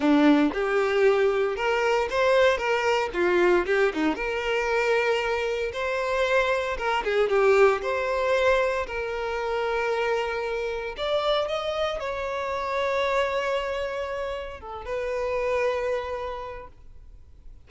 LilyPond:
\new Staff \with { instrumentName = "violin" } { \time 4/4 \tempo 4 = 115 d'4 g'2 ais'4 | c''4 ais'4 f'4 g'8 dis'8 | ais'2. c''4~ | c''4 ais'8 gis'8 g'4 c''4~ |
c''4 ais'2.~ | ais'4 d''4 dis''4 cis''4~ | cis''1 | a'8 b'2.~ b'8 | }